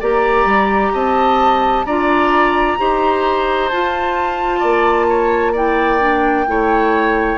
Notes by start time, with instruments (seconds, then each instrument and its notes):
0.00 bassoon A#3, clarinet G4, oboe D5, flute A#5
0.45 bassoon G3
0.93 bassoon C4, oboe D#5, flute A5
1.85 bassoon D4, clarinet F4, oboe D5, flute A#5
2.78 bassoon D#4, clarinet G4, oboe C5
3.69 bassoon F4, clarinet F4, flute A5
4.59 bassoon A#3, oboe D5
5.09 oboe C#5
5.52 clarinet E4, oboe D5, flute G5
5.99 clarinet D4
6.47 bassoon A3, clarinet E4, oboe C#5